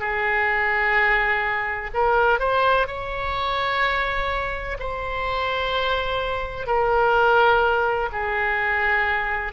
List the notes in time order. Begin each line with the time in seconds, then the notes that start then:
0.00 G#4
1.94 A#4
2.39 C5
2.87 C#5
4.80 C5
6.67 A#4
8.13 G#4